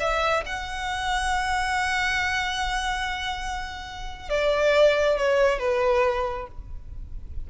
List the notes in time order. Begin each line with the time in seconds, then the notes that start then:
0.00 E5
0.46 F#5
4.30 D5
5.18 C#5
5.59 B4